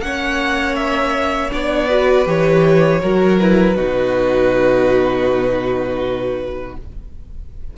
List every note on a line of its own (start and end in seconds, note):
0.00 1.50 A#3
0.00 1.51 C#4
0.00 1.87 C#5
0.00 0.75 F#5
0.75 1.50 E5
1.51 2.27 B3
1.51 1.89 D4
1.51 2.28 D5
1.87 2.25 F#4
1.87 3.00 B4
2.25 3.02 E3
2.25 3.00 G4
2.25 3.40 C#5
3.02 3.78 F#3
3.02 3.40 F#4
3.02 3.76 A#4
3.40 3.76 E4
3.40 6.77 B4
3.76 6.78 B2
3.76 6.76 D#4
3.76 6.76 F#4